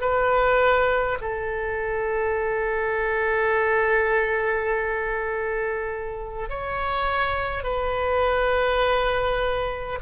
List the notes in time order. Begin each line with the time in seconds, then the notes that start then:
0.00 B4
1.20 A4
6.49 C#5
7.63 B4